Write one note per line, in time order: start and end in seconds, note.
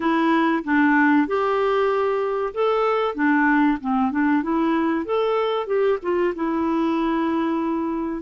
0.00 0.63 E4
0.64 1.27 D4
1.27 2.53 G4
2.53 3.14 A4
3.14 3.78 D4
3.80 4.11 C4
4.11 4.42 D4
4.42 5.05 E4
5.05 5.66 A4
5.66 5.98 G4
6.02 6.34 F4
6.35 8.21 E4